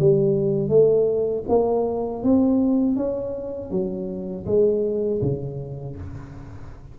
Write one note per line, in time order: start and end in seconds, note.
0.00 0.69 G3
0.69 1.44 A3
1.49 2.24 A#3
2.24 2.97 C4
2.97 3.71 C#4
3.71 4.46 F#3
4.47 5.22 G#3
5.22 5.97 C#3